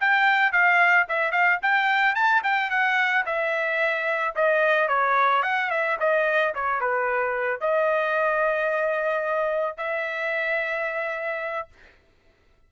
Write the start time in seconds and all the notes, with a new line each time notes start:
0.00 G5
0.52 F5
1.08 E5
1.31 F5
1.62 G5
2.15 A5
2.43 G5
2.70 F#5
3.25 E5
4.35 D#5
4.88 C#5
5.42 F#5
5.70 E5
5.99 D#5
6.54 C#5
6.80 B4
7.60 D#5
9.77 E5